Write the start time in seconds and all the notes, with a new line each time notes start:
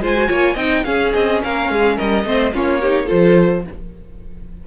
0.00 G#3 F4 C5 G#5
0.16 F#4
0.28 A#3 F4 C#5
0.54 C4 D#4 D#5 G5
0.84 C#4 G#4 F5
1.13 C4 D#5
1.43 A#3 A#4 F5
1.70 G#3 G#4
1.96 G3 A#4 D#5
2.24 A3 C4 C5
2.53 A#3 C#4 F4 C#5
2.81 D#4 G4
3.05 F3 F4 A4 C5